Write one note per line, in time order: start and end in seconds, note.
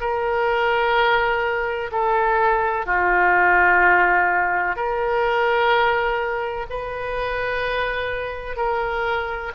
0.00 1.90 A#4
1.91 2.86 A4
2.86 4.76 F4
4.76 6.66 A#4
6.69 8.56 B4
8.56 9.51 A#4